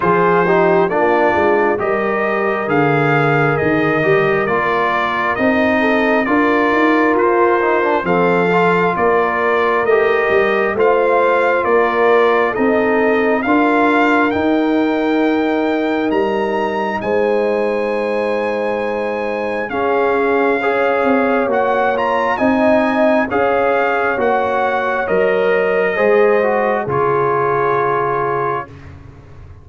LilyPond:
<<
  \new Staff \with { instrumentName = "trumpet" } { \time 4/4 \tempo 4 = 67 c''4 d''4 dis''4 f''4 | dis''4 d''4 dis''4 d''4 | c''4 f''4 d''4 dis''4 | f''4 d''4 dis''4 f''4 |
g''2 ais''4 gis''4~ | gis''2 f''2 | fis''8 ais''8 gis''4 f''4 fis''4 | dis''2 cis''2 | }
  \new Staff \with { instrumentName = "horn" } { \time 4/4 gis'8 g'8 f'4 ais'2~ | ais'2~ ais'8 a'8 ais'4~ | ais'4 a'4 ais'2 | c''4 ais'4 a'4 ais'4~ |
ais'2. c''4~ | c''2 gis'4 cis''4~ | cis''4 dis''4 cis''2~ | cis''4 c''4 gis'2 | }
  \new Staff \with { instrumentName = "trombone" } { \time 4/4 f'8 dis'8 d'4 g'4 gis'4~ | gis'8 g'8 f'4 dis'4 f'4~ | f'8 dis'16 d'16 c'8 f'4. g'4 | f'2 dis'4 f'4 |
dis'1~ | dis'2 cis'4 gis'4 | fis'8 f'8 dis'4 gis'4 fis'4 | ais'4 gis'8 fis'8 f'2 | }
  \new Staff \with { instrumentName = "tuba" } { \time 4/4 f4 ais8 gis8 g4 d4 | dis8 g8 ais4 c'4 d'8 dis'8 | f'4 f4 ais4 a8 g8 | a4 ais4 c'4 d'4 |
dis'2 g4 gis4~ | gis2 cis'4. c'8 | ais4 c'4 cis'4 ais4 | fis4 gis4 cis2 | }
>>